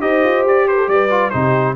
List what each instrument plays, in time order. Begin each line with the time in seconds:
0.00 tuba D#4, trombone G4, horn C5, trumpet D#5
0.23 tuba F4
0.45 tuba G4, trumpet D5
0.68 horn B4, trumpet C5
0.77 horn A4
0.87 tuba G3, horn B4, trumpet D5
1.09 trombone F4
1.30 tuba C3, trombone D#4, horn G4, trumpet C5